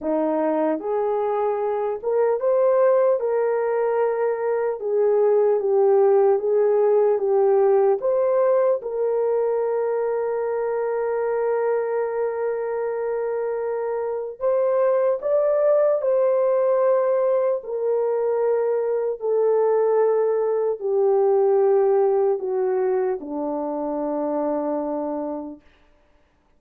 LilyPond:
\new Staff \with { instrumentName = "horn" } { \time 4/4 \tempo 4 = 75 dis'4 gis'4. ais'8 c''4 | ais'2 gis'4 g'4 | gis'4 g'4 c''4 ais'4~ | ais'1~ |
ais'2 c''4 d''4 | c''2 ais'2 | a'2 g'2 | fis'4 d'2. | }